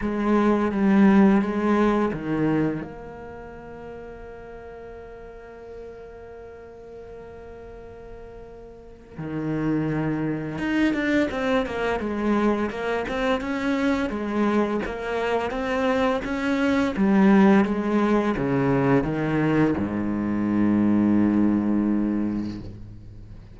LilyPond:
\new Staff \with { instrumentName = "cello" } { \time 4/4 \tempo 4 = 85 gis4 g4 gis4 dis4 | ais1~ | ais1~ | ais4 dis2 dis'8 d'8 |
c'8 ais8 gis4 ais8 c'8 cis'4 | gis4 ais4 c'4 cis'4 | g4 gis4 cis4 dis4 | gis,1 | }